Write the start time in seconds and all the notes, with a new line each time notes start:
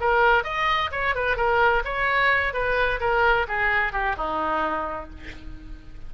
0.00 A#4
0.44 D#5
0.91 C#5
1.15 B4
1.36 A#4
1.84 C#5
2.53 B4
3.00 A#4
3.47 G#4
3.92 G4
4.16 D#4